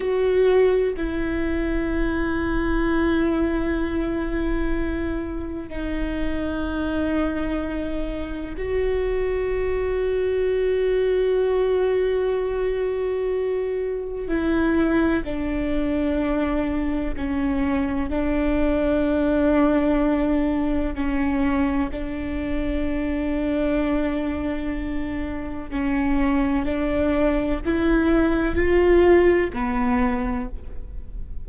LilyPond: \new Staff \with { instrumentName = "viola" } { \time 4/4 \tempo 4 = 63 fis'4 e'2.~ | e'2 dis'2~ | dis'4 fis'2.~ | fis'2. e'4 |
d'2 cis'4 d'4~ | d'2 cis'4 d'4~ | d'2. cis'4 | d'4 e'4 f'4 b4 | }